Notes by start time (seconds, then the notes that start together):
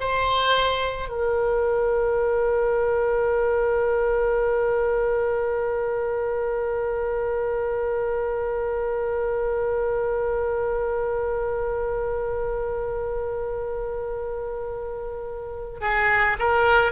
0.00 C5
1.09 A#4
15.81 G#4
16.39 A#4